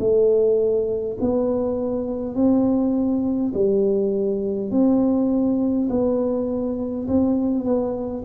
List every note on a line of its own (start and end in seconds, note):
0.00 1.18 A3
1.21 2.35 B3
2.35 3.53 C4
3.55 4.71 G3
4.71 5.89 C4
5.90 7.07 B3
7.08 7.65 C4
7.65 8.24 B3